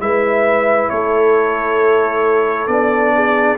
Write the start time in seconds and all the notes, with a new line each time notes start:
0.00 G#3 E4 B4 E5
0.89 A3 A4 C#5
2.68 B3 D4 D5
3.15 G#4